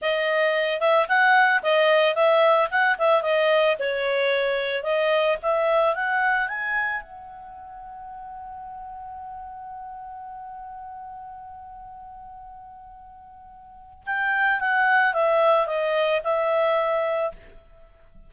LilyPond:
\new Staff \with { instrumentName = "clarinet" } { \time 4/4 \tempo 4 = 111 dis''4. e''8 fis''4 dis''4 | e''4 fis''8 e''8 dis''4 cis''4~ | cis''4 dis''4 e''4 fis''4 | gis''4 fis''2.~ |
fis''1~ | fis''1~ | fis''2 g''4 fis''4 | e''4 dis''4 e''2 | }